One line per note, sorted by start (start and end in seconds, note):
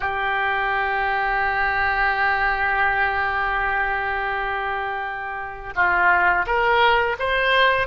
0.00 5.73 G4
5.75 6.45 F4
6.46 7.16 A#4
7.19 7.87 C5